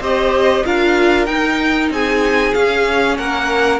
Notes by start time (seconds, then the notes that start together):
0.00 C4 G4 C5 D#5
0.64 D4 F4 A#4 F5
1.26 D#4 G5
1.90 C4 G#4 G#5
2.54 C#4 F5
3.18 A#3 A#4 F#5